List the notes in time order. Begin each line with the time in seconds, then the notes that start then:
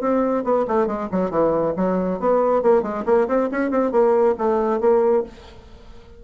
0.00 C4
0.44 B3
0.67 A3
0.86 G#3
1.11 F#3
1.30 E3
1.76 F#3
2.19 B3
2.62 A#3
2.82 G#3
3.05 A#3
3.27 C4
3.51 C#4
3.70 C4
3.91 A#3
4.38 A3
4.80 A#3